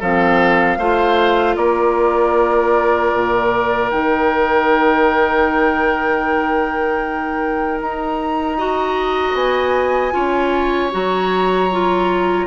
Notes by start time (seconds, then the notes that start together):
0.00 F3 C4 A4 F5
0.78 A3 F4 C5
1.56 A#3 A#4 D5
3.13 A#2
3.90 D#3 D#4 G5
7.81 D#4 A#5
8.58 F#4 D#5
9.34 B3 G#5
10.12 C#4 F4 C#5
10.92 F#3 F#4 A#5
11.72 F4